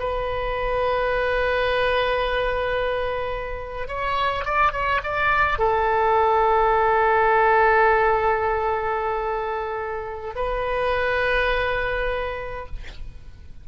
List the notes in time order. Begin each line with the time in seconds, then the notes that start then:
0.00 B4
3.88 C#5
4.45 D5
4.73 C#5
5.03 D5
5.59 A4
10.36 B4